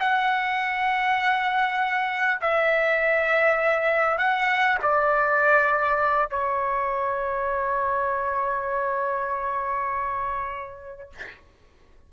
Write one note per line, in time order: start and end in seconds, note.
0.00 2.40 F#5
2.41 4.18 E5
4.18 4.78 F#5
4.82 6.30 D5
6.30 11.10 C#5